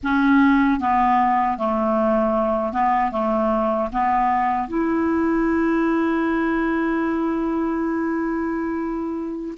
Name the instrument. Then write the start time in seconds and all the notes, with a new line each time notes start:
clarinet
0.03 C#4
0.80 B3
1.58 A3
2.72 B3
3.11 A3
3.92 B3
4.68 E4